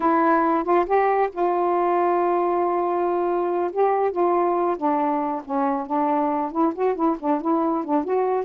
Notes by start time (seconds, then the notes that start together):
0.00 E4
0.63 F4
0.86 G4
1.32 F4
3.72 G4
4.11 F4
4.77 D4
5.44 C#4
5.86 D4
6.51 E4
6.74 F#4
6.95 E4
7.19 D4
7.41 E4
7.84 D4
8.04 F#4